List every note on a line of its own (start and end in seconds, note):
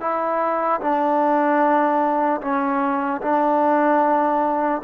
0.00 0.80 E4
0.81 2.41 D4
2.41 3.21 C#4
3.21 4.81 D4